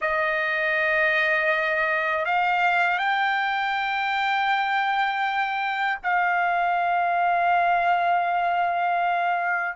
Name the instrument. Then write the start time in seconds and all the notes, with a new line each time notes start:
trumpet
0.01 D#5
2.25 F5
2.98 G5
6.03 F5